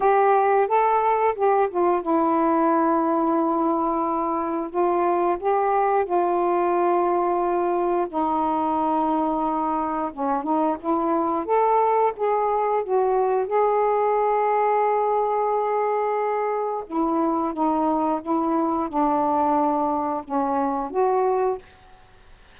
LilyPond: \new Staff \with { instrumentName = "saxophone" } { \time 4/4 \tempo 4 = 89 g'4 a'4 g'8 f'8 e'4~ | e'2. f'4 | g'4 f'2. | dis'2. cis'8 dis'8 |
e'4 a'4 gis'4 fis'4 | gis'1~ | gis'4 e'4 dis'4 e'4 | d'2 cis'4 fis'4 | }